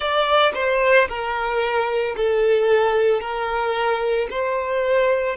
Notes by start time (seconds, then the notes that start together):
0.00 D5
0.54 C5
1.08 A#4
2.16 A4
3.20 A#4
4.30 C5